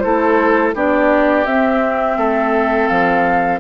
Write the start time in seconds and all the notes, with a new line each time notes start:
0.00 A3 E4 A4 C5
0.75 B3 D4 G4 D5
1.45 C4 E5
2.17 A3 A4
2.88 F3 F5